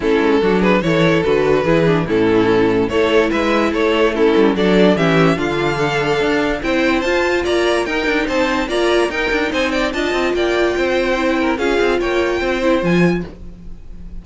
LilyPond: <<
  \new Staff \with { instrumentName = "violin" } { \time 4/4 \tempo 4 = 145 a'4. b'8 cis''4 b'4~ | b'4 a'2 cis''4 | e''4 cis''4 a'4 d''4 | e''4 f''2. |
g''4 a''4 ais''4 g''4 | a''4 ais''4 g''4 gis''8 g''8 | a''4 g''2. | f''4 g''2 gis''4 | }
  \new Staff \with { instrumentName = "violin" } { \time 4/4 e'4 fis'8 gis'8 a'2 | gis'4 e'2 a'4 | b'4 a'4 e'4 a'4 | g'4 f'4 a'2 |
c''2 d''4 ais'4 | c''4 d''4 ais'4 c''8 d''8 | dis''4 d''4 c''4. ais'8 | gis'4 cis''4 c''2 | }
  \new Staff \with { instrumentName = "viola" } { \time 4/4 cis'4 d'4 e'4 fis'4 | e'8 d'8 cis'2 e'4~ | e'2 cis'4 d'4 | cis'4 d'2. |
e'4 f'2 dis'4~ | dis'4 f'4 dis'2 | f'2. e'4 | f'2~ f'8 e'8 f'4 | }
  \new Staff \with { instrumentName = "cello" } { \time 4/4 a8 gis8 fis4 e4 d4 | e4 a,2 a4 | gis4 a4. g8 fis4 | e4 d2 d'4 |
c'4 f'4 ais4 dis'8 d'8 | c'4 ais4 dis'8 d'8 c'4 | d'8 c'8 ais4 c'2 | cis'8 c'8 ais4 c'4 f4 | }
>>